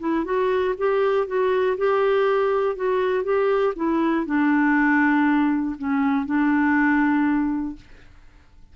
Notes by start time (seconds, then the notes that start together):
0.00 E4
0.25 F#4
0.78 G4
1.28 F#4
1.78 G4
2.76 F#4
3.24 G4
3.76 E4
4.26 D4
5.79 C#4
6.26 D4